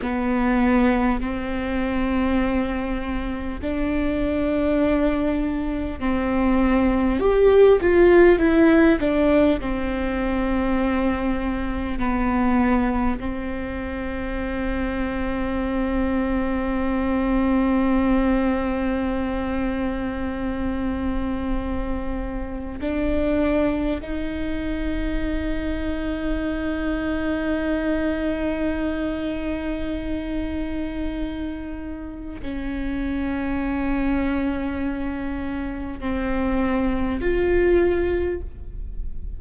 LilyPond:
\new Staff \with { instrumentName = "viola" } { \time 4/4 \tempo 4 = 50 b4 c'2 d'4~ | d'4 c'4 g'8 f'8 e'8 d'8 | c'2 b4 c'4~ | c'1~ |
c'2. d'4 | dis'1~ | dis'2. cis'4~ | cis'2 c'4 f'4 | }